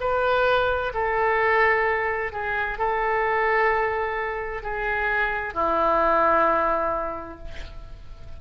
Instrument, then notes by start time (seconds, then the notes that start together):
oboe
0.00 B4
0.94 A4
2.32 G#4
2.78 A4
4.62 G#4
5.53 E4